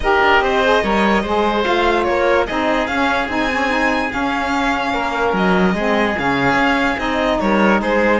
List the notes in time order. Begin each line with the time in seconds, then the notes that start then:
0.00 D#4 G4 A#4 D#5
0.21 D4
0.40 C4 C5
0.63 G#4
0.82 G3 A#4 C#5
1.22 G#3 G#4 C5
1.63 A3 F4 F5
2.03 A#3 A#4 C#5
2.46 C4 D#4 G#4 D#5
2.86 C#4 F5
3.28 C4 D#4 G#5
3.51 C#4
3.68 D#4
4.10 C#4 F5
4.93 A#3 A#4
5.33 F#3 D#5
5.74 G#3 C4 G#4
6.15 C#3 C#4 F5
6.54 C#4
6.96 C4 D#4 D#5
7.39 G3 A#4 C#5
7.81 G#3 G#4 C5